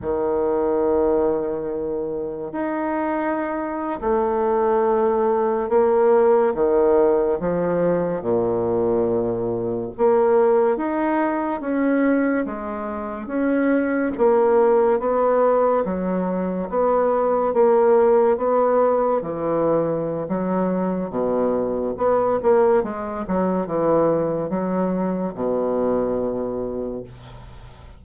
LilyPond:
\new Staff \with { instrumentName = "bassoon" } { \time 4/4 \tempo 4 = 71 dis2. dis'4~ | dis'8. a2 ais4 dis16~ | dis8. f4 ais,2 ais16~ | ais8. dis'4 cis'4 gis4 cis'16~ |
cis'8. ais4 b4 fis4 b16~ | b8. ais4 b4 e4~ e16 | fis4 b,4 b8 ais8 gis8 fis8 | e4 fis4 b,2 | }